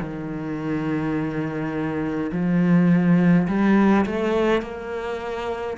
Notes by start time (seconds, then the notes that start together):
0.00 D#3
2.31 F3
3.47 G3
4.05 A3
4.61 A#3